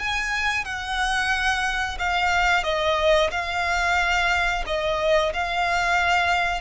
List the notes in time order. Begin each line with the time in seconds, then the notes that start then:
0.00 G#5
0.65 F#5
1.99 F5
2.64 D#5
3.31 F5
4.67 D#5
5.34 F5